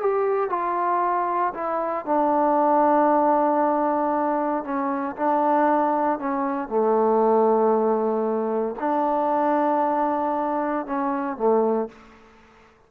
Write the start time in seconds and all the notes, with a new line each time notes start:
0.00 G4
0.49 F4
1.54 E4
2.05 D4
4.64 C#4
5.16 D4
6.19 C#4
6.68 A3
8.79 D4
10.86 C#4
11.37 A3